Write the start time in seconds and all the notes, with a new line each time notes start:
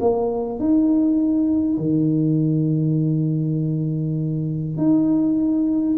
0.00 A#3
0.59 D#4
1.78 D#3
4.77 D#4